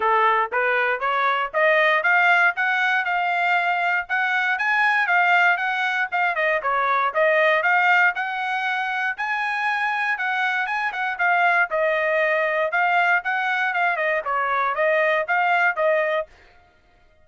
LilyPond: \new Staff \with { instrumentName = "trumpet" } { \time 4/4 \tempo 4 = 118 a'4 b'4 cis''4 dis''4 | f''4 fis''4 f''2 | fis''4 gis''4 f''4 fis''4 | f''8 dis''8 cis''4 dis''4 f''4 |
fis''2 gis''2 | fis''4 gis''8 fis''8 f''4 dis''4~ | dis''4 f''4 fis''4 f''8 dis''8 | cis''4 dis''4 f''4 dis''4 | }